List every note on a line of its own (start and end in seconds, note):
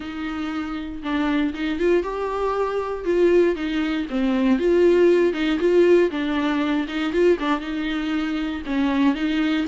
0.00 1.02 D#4
1.02 1.53 D4
1.54 1.79 D#4
1.79 2.03 F4
2.03 3.04 G4
3.04 3.55 F4
3.55 4.06 D#4
4.10 4.59 C4
4.59 5.33 F4
5.33 5.58 D#4
5.59 6.10 F4
6.10 6.86 D4
6.88 7.12 D#4
7.12 7.38 F4
7.39 7.60 D4
7.60 8.62 D#4
8.66 9.15 C#4
9.15 9.65 D#4